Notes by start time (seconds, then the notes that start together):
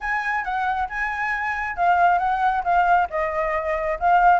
0.00 G#5
0.44 F#5
0.88 G#5
1.76 F5
2.18 F#5
2.64 F5
3.10 D#5
3.99 F5